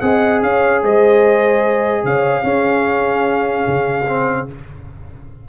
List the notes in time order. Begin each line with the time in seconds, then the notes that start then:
0.00 C4 G#4 D#5 F#5
0.42 C#4 C#5 F5
0.82 G#3 C5 D#5
2.03 C#3 C#5 F5
2.43 C#4 G#4
3.67 C#3
4.06 C4